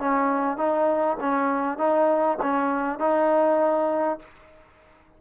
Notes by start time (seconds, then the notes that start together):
0.00 C#4
0.57 D#4
1.21 C#4
1.78 D#4
2.42 C#4
2.99 D#4